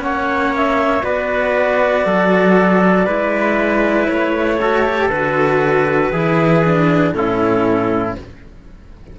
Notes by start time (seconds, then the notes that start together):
0.00 A#3 C#4 C#5 F#5
0.56 E5
1.04 B3 F#4 B4 D5
2.06 F#3 A4
3.06 G#3 E4 B4
4.08 A3 C#5
4.61 F#4 A4
4.85 G4
5.10 D3 F#4 B4
6.12 E3 E4 G#4
6.65 D4
7.13 A2 C#4 E4 A4